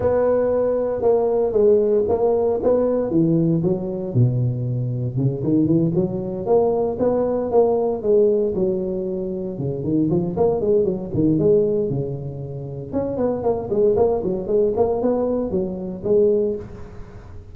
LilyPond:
\new Staff \with { instrumentName = "tuba" } { \time 4/4 \tempo 4 = 116 b2 ais4 gis4 | ais4 b4 e4 fis4 | b,2 cis8 dis8 e8 fis8~ | fis8 ais4 b4 ais4 gis8~ |
gis8 fis2 cis8 dis8 f8 | ais8 gis8 fis8 dis8 gis4 cis4~ | cis4 cis'8 b8 ais8 gis8 ais8 fis8 | gis8 ais8 b4 fis4 gis4 | }